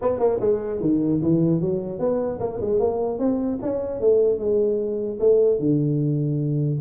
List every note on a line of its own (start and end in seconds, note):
0.01 0.19 B3
0.19 0.39 A#3
0.40 0.80 G#3
0.80 1.20 D#3
1.22 1.61 E3
1.61 1.99 F#3
1.99 2.39 B3
2.40 2.60 A#3
2.60 2.79 G#3
2.79 3.18 A#3
3.18 3.58 C4
3.62 4.00 C#4
4.00 4.38 A3
4.38 5.18 G#3
5.19 5.59 A3
5.59 6.79 D3